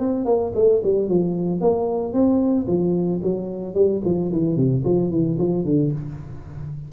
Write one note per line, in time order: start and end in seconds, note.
0.00 0.26 C4
0.26 0.52 A#3
0.55 0.82 A3
0.84 1.09 G3
1.09 1.61 F3
1.61 2.14 A#3
2.14 2.67 C4
2.67 3.21 F3
3.23 3.75 F#3
3.75 4.01 G3
4.05 4.32 F3
4.32 4.57 E3
4.57 4.84 C3
4.85 5.11 F3
5.11 5.38 E3
5.39 5.65 F3
5.65 5.92 D3